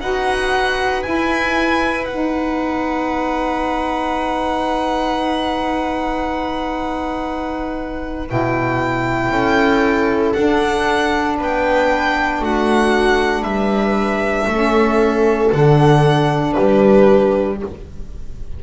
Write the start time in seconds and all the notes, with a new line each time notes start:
0.00 D#4 F#4 B4 F#5
1.02 E4 G#5
2.05 B3 D#4 F#5
8.27 B2 E4 G5
9.30 C#4 A4
10.33 D4 F#5
11.37 B3 B4 G5
12.40 A3 F#4 F#5
13.42 G3 B4 E5
14.47 A3 C#4 A4
15.51 D3 D4 F#5
16.53 G4 B4
16.59 G3